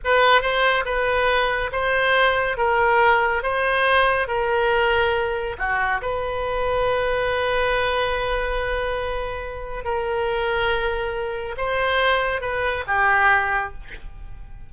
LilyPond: \new Staff \with { instrumentName = "oboe" } { \time 4/4 \tempo 4 = 140 b'4 c''4 b'2 | c''2 ais'2 | c''2 ais'2~ | ais'4 fis'4 b'2~ |
b'1~ | b'2. ais'4~ | ais'2. c''4~ | c''4 b'4 g'2 | }